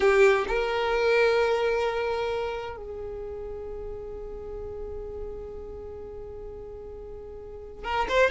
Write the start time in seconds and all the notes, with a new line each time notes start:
0.00 G4
0.48 A#4
2.76 G#4
7.83 A#4
8.08 C5